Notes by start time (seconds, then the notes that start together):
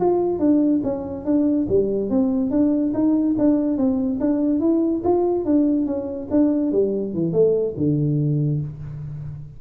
0.00 F4
0.39 D4
0.84 C#4
1.25 D4
1.69 G3
2.10 C4
2.51 D4
2.94 D#4
3.38 D4
3.77 C4
4.20 D4
4.60 E4
5.04 F4
5.45 D4
5.86 C#4
6.31 D4
6.72 G3
7.14 E3
7.33 A3
7.77 D3